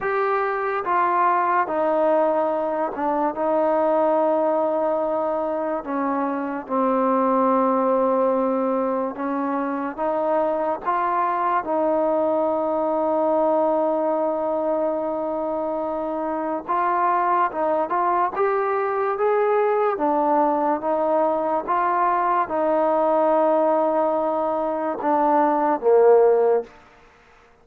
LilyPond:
\new Staff \with { instrumentName = "trombone" } { \time 4/4 \tempo 4 = 72 g'4 f'4 dis'4. d'8 | dis'2. cis'4 | c'2. cis'4 | dis'4 f'4 dis'2~ |
dis'1 | f'4 dis'8 f'8 g'4 gis'4 | d'4 dis'4 f'4 dis'4~ | dis'2 d'4 ais4 | }